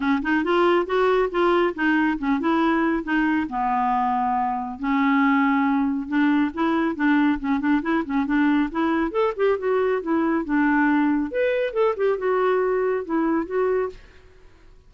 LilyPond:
\new Staff \with { instrumentName = "clarinet" } { \time 4/4 \tempo 4 = 138 cis'8 dis'8 f'4 fis'4 f'4 | dis'4 cis'8 e'4. dis'4 | b2. cis'4~ | cis'2 d'4 e'4 |
d'4 cis'8 d'8 e'8 cis'8 d'4 | e'4 a'8 g'8 fis'4 e'4 | d'2 b'4 a'8 g'8 | fis'2 e'4 fis'4 | }